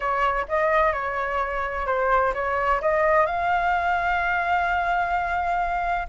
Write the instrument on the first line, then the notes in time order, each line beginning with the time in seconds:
flute
0.00 C#5
0.48 D#5
0.93 C#5
1.86 C5
2.34 C#5
2.81 D#5
3.26 F5